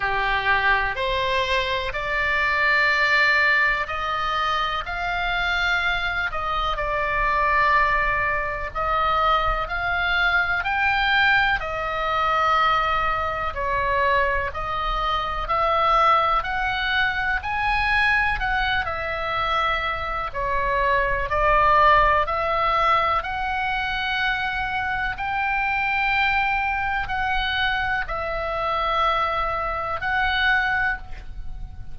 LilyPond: \new Staff \with { instrumentName = "oboe" } { \time 4/4 \tempo 4 = 62 g'4 c''4 d''2 | dis''4 f''4. dis''8 d''4~ | d''4 dis''4 f''4 g''4 | dis''2 cis''4 dis''4 |
e''4 fis''4 gis''4 fis''8 e''8~ | e''4 cis''4 d''4 e''4 | fis''2 g''2 | fis''4 e''2 fis''4 | }